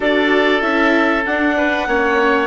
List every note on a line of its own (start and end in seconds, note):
0.00 0.61 D4
0.00 0.61 F#4
0.00 1.56 A4
0.00 0.61 D5
0.61 1.24 C#4
0.61 1.23 E4
0.61 1.24 E5
1.25 1.87 D4
1.25 1.88 D4
1.25 2.46 F#5
1.57 1.88 B4
1.87 2.46 A#3
1.87 2.46 C#4
1.87 2.46 C#5